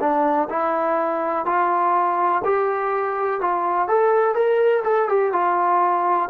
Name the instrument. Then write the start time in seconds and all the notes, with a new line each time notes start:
trombone
0.00 D4
0.49 E4
1.45 F4
2.44 G4
3.40 F4
3.88 A4
4.35 A#4
4.84 A4
5.09 G4
5.32 F4